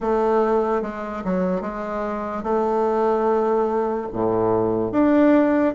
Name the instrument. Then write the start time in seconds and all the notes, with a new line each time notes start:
bassoon
0.00 A3
0.81 G#3
1.24 F#3
1.61 G#3
2.43 A3
4.12 A2
4.92 D4